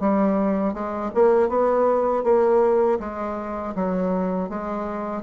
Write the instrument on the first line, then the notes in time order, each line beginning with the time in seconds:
bassoon
0.00 G3
0.73 G#3
1.14 A#3
1.49 B3
2.24 A#3
2.99 G#3
3.75 F#3
4.49 G#3